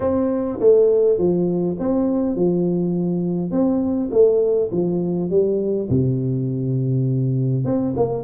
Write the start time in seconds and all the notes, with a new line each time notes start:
0.00 C4
0.59 A3
1.17 F3
1.79 C4
2.35 F3
3.51 C4
4.11 A3
4.71 F3
5.29 G3
5.89 C3
7.64 C4
7.96 A#3